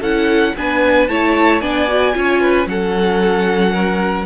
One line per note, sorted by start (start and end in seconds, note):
0.00 0.54 C#4
0.00 0.56 E4
0.00 0.53 A4
0.00 0.56 F#5
0.57 1.09 B3
0.57 1.09 D4
0.57 1.10 B4
0.57 1.08 G#5
1.08 1.62 A3
1.08 1.62 E4
1.08 1.62 C#5
1.08 1.61 A5
1.61 2.15 B3
1.61 1.88 D4
1.61 2.15 D5
1.61 2.67 G#5
1.88 2.14 F#4
2.14 2.67 C#4
2.14 2.67 F4
2.14 2.42 C#5
2.42 2.68 B4
2.67 4.26 F#3
2.67 4.26 C#4
2.67 3.73 A4
2.67 4.26 F#5
3.73 4.26 A#4